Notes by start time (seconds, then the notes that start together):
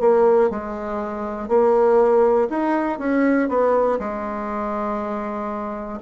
0.00 A#3
0.50 G#3
1.48 A#3
2.50 D#4
2.99 C#4
3.49 B3
4.00 G#3